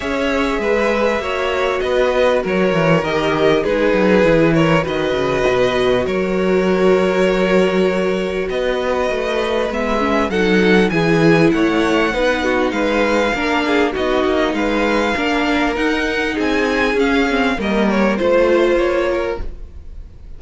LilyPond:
<<
  \new Staff \with { instrumentName = "violin" } { \time 4/4 \tempo 4 = 99 e''2. dis''4 | cis''4 dis''4 b'4. cis''8 | dis''2 cis''2~ | cis''2 dis''2 |
e''4 fis''4 gis''4 fis''4~ | fis''4 f''2 dis''4 | f''2 fis''4 gis''4 | f''4 dis''8 cis''8 c''4 cis''4 | }
  \new Staff \with { instrumentName = "violin" } { \time 4/4 cis''4 b'4 cis''4 b'4 | ais'2 gis'4. ais'8 | b'2 ais'2~ | ais'2 b'2~ |
b'4 a'4 gis'4 cis''4 | b'8 fis'8 b'4 ais'8 gis'8 fis'4 | b'4 ais'2 gis'4~ | gis'4 ais'4 c''4. ais'8 | }
  \new Staff \with { instrumentName = "viola" } { \time 4/4 gis'2 fis'2~ | fis'4 g'4 dis'4 e'4 | fis'1~ | fis'1 |
b8 cis'8 dis'4 e'2 | dis'2 d'4 dis'4~ | dis'4 d'4 dis'2 | cis'8 c'8 ais4 f'2 | }
  \new Staff \with { instrumentName = "cello" } { \time 4/4 cis'4 gis4 ais4 b4 | fis8 e8 dis4 gis8 fis8 e4 | dis8 cis8 b,4 fis2~ | fis2 b4 a4 |
gis4 fis4 e4 a4 | b4 gis4 ais4 b8 ais8 | gis4 ais4 dis'4 c'4 | cis'4 g4 a4 ais4 | }
>>